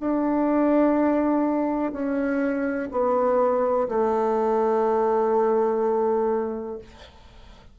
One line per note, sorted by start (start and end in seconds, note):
0.00 1.92 D4
1.92 2.89 C#4
2.91 3.88 B3
3.88 6.78 A3